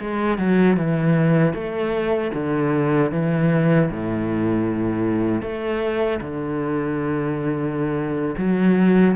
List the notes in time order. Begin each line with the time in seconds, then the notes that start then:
0.00 G#3
0.38 F#3
0.77 E3
1.53 A3
2.34 D3
3.12 E3
3.91 A2
5.42 A3
6.21 D3
8.38 F#3